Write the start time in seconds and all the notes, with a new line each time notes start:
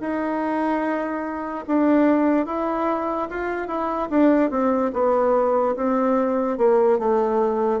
0.00 D#4
1.67 D4
2.46 E4
3.30 F4
3.67 E4
4.09 D4
4.50 C4
4.93 B3
5.75 C4
6.57 A#3
6.99 A3